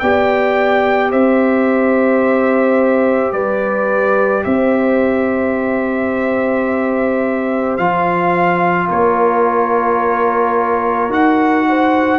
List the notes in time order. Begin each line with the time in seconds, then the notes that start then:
0.00 B3 G4 D5 G5
1.11 C4 C5 E5
3.33 G3 B4 D5
4.44 C4 C5 E5
7.77 F3 F4 F5
8.88 A#3 A#4 C#5
11.09 D#4 F#4 F#5
11.69 C5